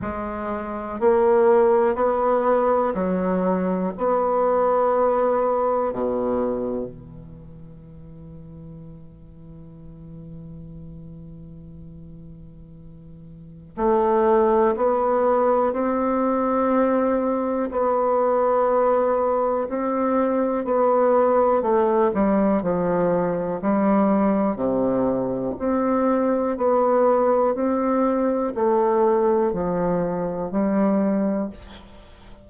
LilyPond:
\new Staff \with { instrumentName = "bassoon" } { \time 4/4 \tempo 4 = 61 gis4 ais4 b4 fis4 | b2 b,4 e4~ | e1~ | e2 a4 b4 |
c'2 b2 | c'4 b4 a8 g8 f4 | g4 c4 c'4 b4 | c'4 a4 f4 g4 | }